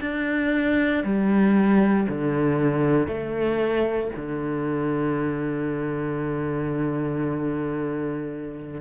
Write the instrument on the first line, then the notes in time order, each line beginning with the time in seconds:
cello
0.00 D4
1.03 G3
2.08 D3
3.07 A3
4.16 D3